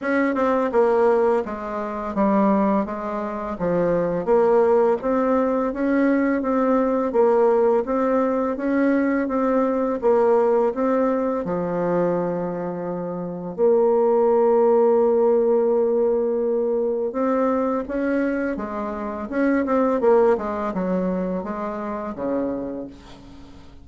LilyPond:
\new Staff \with { instrumentName = "bassoon" } { \time 4/4 \tempo 4 = 84 cis'8 c'8 ais4 gis4 g4 | gis4 f4 ais4 c'4 | cis'4 c'4 ais4 c'4 | cis'4 c'4 ais4 c'4 |
f2. ais4~ | ais1 | c'4 cis'4 gis4 cis'8 c'8 | ais8 gis8 fis4 gis4 cis4 | }